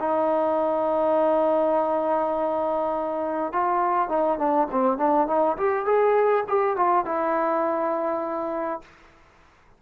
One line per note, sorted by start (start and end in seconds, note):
0.00 3.53 D#4
3.53 4.09 F4
4.09 4.39 D#4
4.39 4.68 D4
4.72 4.98 C4
4.98 5.28 D4
5.28 5.57 D#4
5.57 5.86 G4
5.86 6.44 G#4
6.48 6.76 G4
6.76 7.05 F4
7.05 8.82 E4